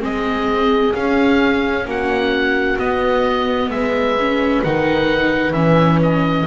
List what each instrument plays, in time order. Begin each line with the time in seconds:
0.00 double bass G#3, viola C4, horn G#4, oboe D#5
0.95 viola C#4, double bass C#4, oboe F5
1.85 double bass A#3, horn F#4, oboe F#5
2.79 viola B3, double bass B3, oboe D#5
3.70 double bass G#3, horn B4, oboe E5
4.20 viola C#4
4.63 double bass D#3, viola D#4, oboe F#5
5.53 double bass E3, viola C#4, oboe E5
6.03 oboe D#5